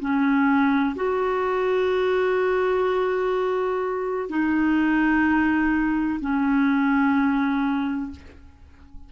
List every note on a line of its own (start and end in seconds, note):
0.00 0.95 C#4
0.96 4.29 F#4
4.29 6.19 D#4
6.20 8.11 C#4